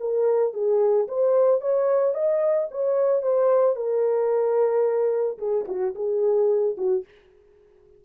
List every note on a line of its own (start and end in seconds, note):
0.00 0.54 A#4
0.54 1.08 G#4
1.08 1.61 C5
1.61 2.14 C#5
2.14 2.69 D#5
2.71 3.23 C#5
3.23 3.76 C5
3.76 5.38 A#4
5.39 5.66 G#4
5.68 5.95 F#4
5.95 6.76 G#4
6.78 7.05 F#4